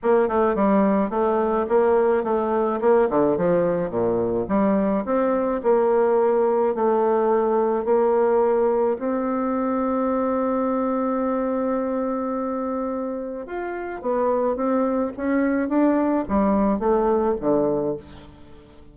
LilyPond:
\new Staff \with { instrumentName = "bassoon" } { \time 4/4 \tempo 4 = 107 ais8 a8 g4 a4 ais4 | a4 ais8 d8 f4 ais,4 | g4 c'4 ais2 | a2 ais2 |
c'1~ | c'1 | f'4 b4 c'4 cis'4 | d'4 g4 a4 d4 | }